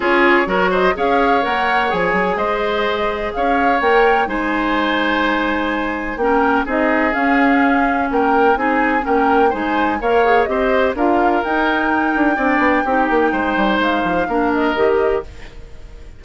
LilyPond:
<<
  \new Staff \with { instrumentName = "flute" } { \time 4/4 \tempo 4 = 126 cis''4. dis''8 f''4 fis''4 | gis''4 dis''2 f''4 | g''4 gis''2.~ | gis''4 g''4 dis''4 f''4~ |
f''4 g''4 gis''4 g''4 | gis''4 f''4 dis''4 f''4 | g''1~ | g''4 f''4. dis''4. | }
  \new Staff \with { instrumentName = "oboe" } { \time 4/4 gis'4 ais'8 c''8 cis''2~ | cis''4 c''2 cis''4~ | cis''4 c''2.~ | c''4 ais'4 gis'2~ |
gis'4 ais'4 gis'4 ais'4 | c''4 cis''4 c''4 ais'4~ | ais'2 d''4 g'4 | c''2 ais'2 | }
  \new Staff \with { instrumentName = "clarinet" } { \time 4/4 f'4 fis'4 gis'4 ais'4 | gis'1 | ais'4 dis'2.~ | dis'4 cis'4 dis'4 cis'4~ |
cis'2 dis'4 cis'4 | dis'4 ais'8 gis'8 g'4 f'4 | dis'2 d'4 dis'4~ | dis'2 d'4 g'4 | }
  \new Staff \with { instrumentName = "bassoon" } { \time 4/4 cis'4 fis4 cis'4 ais4 | f8 fis8 gis2 cis'4 | ais4 gis2.~ | gis4 ais4 c'4 cis'4~ |
cis'4 ais4 c'4 ais4 | gis4 ais4 c'4 d'4 | dis'4. d'8 c'8 b8 c'8 ais8 | gis8 g8 gis8 f8 ais4 dis4 | }
>>